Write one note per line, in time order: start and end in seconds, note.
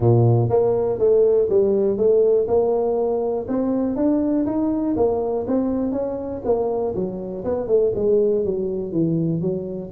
0.00 0.49 A#2
0.49 0.98 A#3
0.98 1.48 A3
1.49 1.97 G3
1.97 2.46 A3
2.47 3.46 A#3
3.47 3.96 C4
3.96 4.45 D4
4.46 4.95 D#4
4.96 5.45 A#3
5.47 5.92 C4
5.92 6.41 C#4
6.44 6.94 A#3
6.94 7.44 F#3
7.44 7.67 B3
7.67 7.92 A3
7.95 8.44 G#3
8.44 8.91 F#3
8.91 9.41 E3
9.41 9.90 F#3